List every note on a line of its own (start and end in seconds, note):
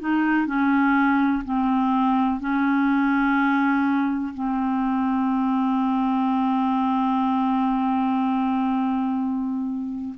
0.00 0.47 D#4
0.47 1.43 C#4
1.45 2.40 C4
2.40 4.34 C#4
4.34 10.15 C4